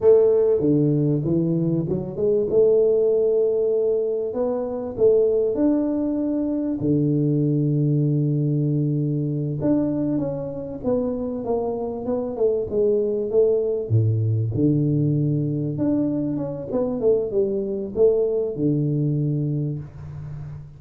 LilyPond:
\new Staff \with { instrumentName = "tuba" } { \time 4/4 \tempo 4 = 97 a4 d4 e4 fis8 gis8 | a2. b4 | a4 d'2 d4~ | d2.~ d8 d'8~ |
d'8 cis'4 b4 ais4 b8 | a8 gis4 a4 a,4 d8~ | d4. d'4 cis'8 b8 a8 | g4 a4 d2 | }